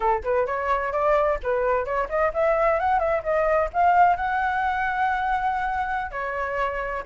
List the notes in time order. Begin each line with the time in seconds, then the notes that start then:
0.00 A4
0.23 B4
0.46 C#5
0.92 D5
1.43 B4
1.85 C#5
2.09 D#5
2.33 E5
2.79 F#5
2.99 E5
3.23 D#5
3.73 F5
4.16 F#5
6.11 C#5